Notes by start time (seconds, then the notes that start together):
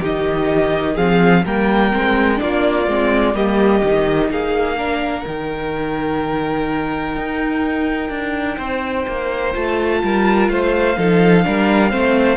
0.00 D#3 D#4 G4 D#5
0.94 F3 C4 G#4 F5
1.45 G3 A#3 A#4 G5
1.92 G#3 C4
2.36 A#3 D4 F4 D5
2.87 G#3 C4
3.34 G3 A#3 G4 D#5
3.83 D#3 D#4
4.30 A#3 G#4 F5
4.77 D4 A#4
5.25 D#3 D#4 G5
7.16 D#4
8.10 D4
8.56 C4 C5
9.07 A#3
9.53 A3 F4 A5
10.03 G3 A#4
10.48 A3 C5 F5
10.97 F3 D#4 A4
11.44 G3 D4 A#4
11.90 A3 C4 C5